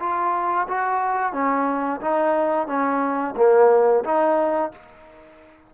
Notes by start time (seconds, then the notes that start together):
0.00 F4
0.68 F#4
1.33 C#4
2.01 D#4
2.68 C#4
3.37 A#3
4.04 D#4